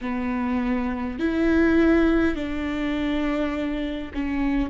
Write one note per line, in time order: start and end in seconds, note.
0.01 1.19 B3
1.19 2.35 E4
2.35 4.12 D4
4.14 4.70 C#4